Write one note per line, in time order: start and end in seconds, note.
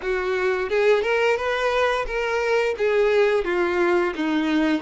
0.02 0.69 F#4
0.69 1.02 G#4
1.02 1.36 A#4
1.36 2.05 B4
2.06 2.75 A#4
2.77 3.44 G#4
3.44 4.13 F4
4.15 4.81 D#4